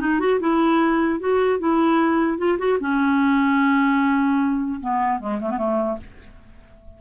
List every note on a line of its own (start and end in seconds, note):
0.00 0.19 D#4
0.19 0.39 F#4
0.40 1.19 E4
1.19 1.59 F#4
1.59 2.38 E4
2.38 2.58 F4
2.58 2.78 F#4
2.80 4.80 C#4
4.80 5.19 B3
5.19 5.39 G#3
5.40 5.50 A3
5.50 5.57 B3
5.57 5.97 A3